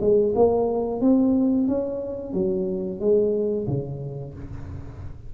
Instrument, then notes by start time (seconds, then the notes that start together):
tuba
0.00 G#3
0.35 A#3
1.01 C4
1.67 C#4
2.33 F#3
3.00 G#3
3.67 C#3